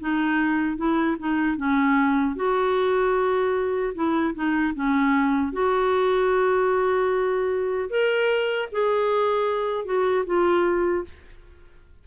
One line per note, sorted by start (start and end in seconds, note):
0.00 0.77 D#4
0.77 1.17 E4
1.19 1.57 D#4
1.57 2.36 C#4
2.36 3.94 F#4
3.95 4.35 E4
4.35 4.74 D#4
4.75 5.53 C#4
5.53 7.90 F#4
7.90 8.69 A#4
8.72 9.85 G#4
9.85 10.25 F#4
10.26 11.05 F4